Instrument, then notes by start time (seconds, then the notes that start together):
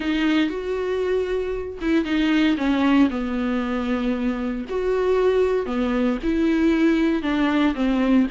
viola
0.00 D#4
0.49 F#4
1.81 E4
2.04 D#4
2.57 C#4
3.09 B3
4.69 F#4
5.66 B3
6.23 E4
7.22 D4
7.74 C4